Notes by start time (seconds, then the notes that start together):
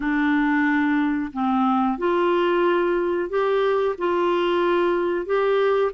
0.00 D4
1.32 C4
1.98 F4
3.29 G4
3.97 F4
5.25 G4